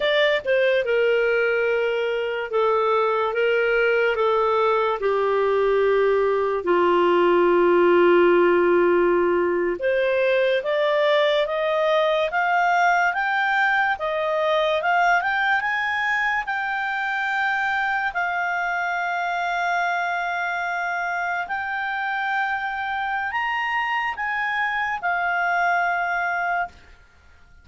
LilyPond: \new Staff \with { instrumentName = "clarinet" } { \time 4/4 \tempo 4 = 72 d''8 c''8 ais'2 a'4 | ais'4 a'4 g'2 | f'2.~ f'8. c''16~ | c''8. d''4 dis''4 f''4 g''16~ |
g''8. dis''4 f''8 g''8 gis''4 g''16~ | g''4.~ g''16 f''2~ f''16~ | f''4.~ f''16 g''2~ g''16 | ais''4 gis''4 f''2 | }